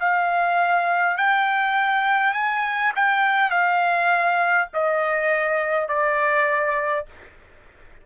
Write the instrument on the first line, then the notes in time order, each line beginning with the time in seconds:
trumpet
0.00 F5
1.18 G5
2.34 G#5
2.96 G5
3.50 F5
4.74 D#5
5.89 D5